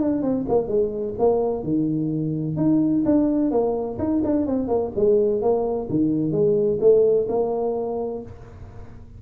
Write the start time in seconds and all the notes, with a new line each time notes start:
0.00 D4
0.22 C4
0.49 A#3
0.68 G#3
1.19 A#3
1.63 D#3
2.57 D#4
3.06 D4
3.51 A#3
3.98 D#4
4.24 D4
4.46 C4
4.68 A#3
4.96 G#3
5.42 A#3
5.90 D#3
6.32 G#3
6.81 A3
7.28 A#3